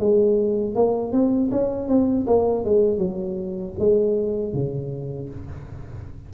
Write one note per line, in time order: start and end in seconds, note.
0.00 0.76 G#3
0.76 1.13 A#3
1.13 1.51 C4
1.52 1.89 C#4
1.89 2.27 C4
2.27 2.65 A#3
2.65 2.98 G#3
2.98 3.74 F#3
3.80 4.54 G#3
4.54 5.30 C#3